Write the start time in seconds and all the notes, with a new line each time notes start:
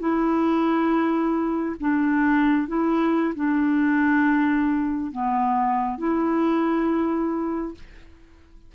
0.00 E4
1.80 D4
2.68 E4
3.36 D4
5.12 B3
5.98 E4